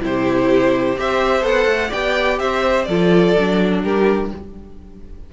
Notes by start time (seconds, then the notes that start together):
0.00 C3 E4 G4 C5
0.97 C4 G4 C5 E5
1.42 B3 A4 F#5
1.66 A3
1.89 B3 G4 D5 G5
2.39 C4 C5 E5
2.84 F3 F4 A4 D5
3.37 F#3 D4
3.82 G3 G4 A#4